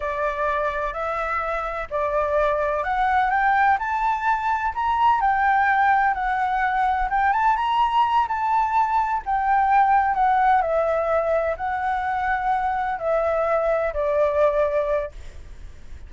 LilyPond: \new Staff \with { instrumentName = "flute" } { \time 4/4 \tempo 4 = 127 d''2 e''2 | d''2 fis''4 g''4 | a''2 ais''4 g''4~ | g''4 fis''2 g''8 a''8 |
ais''4. a''2 g''8~ | g''4. fis''4 e''4.~ | e''8 fis''2. e''8~ | e''4. d''2~ d''8 | }